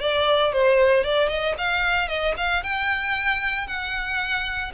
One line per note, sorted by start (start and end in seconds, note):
0.00 0.52 D5
0.52 1.04 C5
1.04 1.28 D5
1.28 1.55 D#5
1.58 2.08 F5
2.08 2.34 D#5
2.37 2.63 F5
2.63 3.67 G5
3.67 4.72 F#5